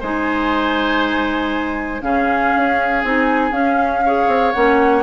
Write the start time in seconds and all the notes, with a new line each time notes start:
0.00 G#3 D#4 C5 G#5
2.01 C#3 C#4 G#4 F5
2.56 C#4
3.04 C4 D#4 G#5
3.51 C#4 F5
4.05 G#4 C#5
4.27 C4
4.52 A#3 C#4 F#5